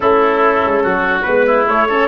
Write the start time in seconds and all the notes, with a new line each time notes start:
0.00 A3 C#4 E4 A4
0.65 G#3
0.83 F#3 F#4
1.22 G#3 B3 B4
1.46 E4
1.66 A3 C#5
1.88 C#4 A4